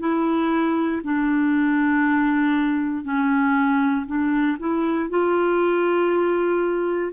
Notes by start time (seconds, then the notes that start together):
0.00 E4
1.04 D4
3.04 C#4
4.06 D4
4.59 E4
5.09 F4